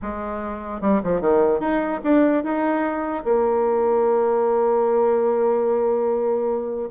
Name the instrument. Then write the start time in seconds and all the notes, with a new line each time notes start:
bassoon
0.02 G#3
0.81 G3
1.03 F3
1.20 D#3
1.60 D#4
2.03 D4
2.43 D#4
3.24 A#3